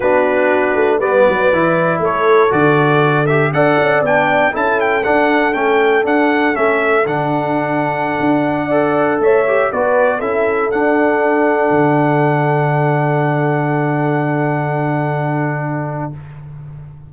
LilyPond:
<<
  \new Staff \with { instrumentName = "trumpet" } { \time 4/4 \tempo 4 = 119 b'2 d''2 | cis''4 d''4. e''8 fis''4 | g''4 a''8 g''8 fis''4 g''4 | fis''4 e''4 fis''2~ |
fis''2~ fis''16 e''4 d''8.~ | d''16 e''4 fis''2~ fis''8.~ | fis''1~ | fis''1 | }
  \new Staff \with { instrumentName = "horn" } { \time 4/4 fis'2 b'2 | a'2. d''4~ | d''4 a'2.~ | a'1~ |
a'4~ a'16 d''4 cis''4 b'8.~ | b'16 a'2.~ a'8.~ | a'1~ | a'1 | }
  \new Staff \with { instrumentName = "trombone" } { \time 4/4 d'2 b4 e'4~ | e'4 fis'4. g'8 a'4 | d'4 e'4 d'4 cis'4 | d'4 cis'4 d'2~ |
d'4~ d'16 a'4. g'8 fis'8.~ | fis'16 e'4 d'2~ d'8.~ | d'1~ | d'1 | }
  \new Staff \with { instrumentName = "tuba" } { \time 4/4 b4. a8 g8 fis8 e4 | a4 d2 d'8 cis'8 | b4 cis'4 d'4 a4 | d'4 a4 d2~ |
d16 d'2 a4 b8.~ | b16 cis'4 d'2 d8.~ | d1~ | d1 | }
>>